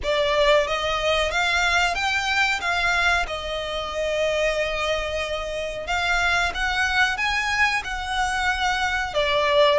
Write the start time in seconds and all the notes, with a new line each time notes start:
0.03 D5
0.67 D#5
1.31 F5
1.94 G5
2.60 F5
3.27 D#5
5.86 F5
6.54 F#5
7.17 G#5
7.83 F#5
9.14 D5